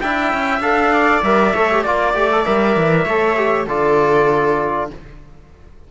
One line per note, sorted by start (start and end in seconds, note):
0.00 0.33 D4
0.00 0.61 E4
0.00 0.93 E5
0.00 0.61 G5
0.33 0.59 C#4
0.59 1.20 D4
0.59 1.23 A4
0.59 1.23 F5
0.93 1.53 D5
1.22 1.53 G3
1.22 1.55 A#4
1.22 1.82 E5
1.53 1.85 A3
1.53 1.70 A4
1.53 1.84 C#5
1.71 1.85 G4
1.82 2.14 A#3
1.82 2.14 F4
1.82 2.43 D5
1.82 3.05 D5
2.14 2.44 A3
2.14 2.30 G4
2.32 2.46 A4
2.45 2.76 G3
2.45 3.07 A#4
2.45 3.67 E5
2.76 3.05 E3
3.05 3.66 A3
3.05 3.36 A4
3.05 3.66 C#5
3.36 3.67 G4
3.66 4.90 D3
3.66 4.91 F4
3.66 4.89 A4
3.66 4.91 D5